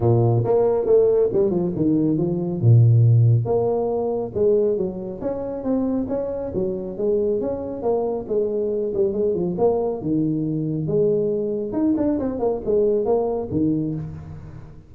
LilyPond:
\new Staff \with { instrumentName = "tuba" } { \time 4/4 \tempo 4 = 138 ais,4 ais4 a4 g8 f8 | dis4 f4 ais,2 | ais2 gis4 fis4 | cis'4 c'4 cis'4 fis4 |
gis4 cis'4 ais4 gis4~ | gis8 g8 gis8 f8 ais4 dis4~ | dis4 gis2 dis'8 d'8 | c'8 ais8 gis4 ais4 dis4 | }